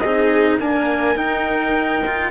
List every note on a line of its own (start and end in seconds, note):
0.00 0.60 C4
0.00 0.58 G#4
0.00 0.58 D#5
0.06 0.61 D#4
0.59 1.16 A#3
0.59 1.16 D4
0.59 2.31 A#4
0.59 1.18 G#5
1.16 2.03 D#4
1.16 2.31 D#4
1.16 2.31 G5
2.06 2.31 F4